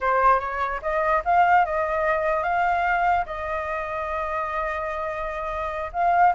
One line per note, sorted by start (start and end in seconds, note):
0.00 0.39 C5
0.39 0.80 C#5
0.82 1.22 D#5
1.24 1.65 F5
1.65 2.43 D#5
2.43 3.24 F5
3.25 5.91 D#5
5.93 6.33 F5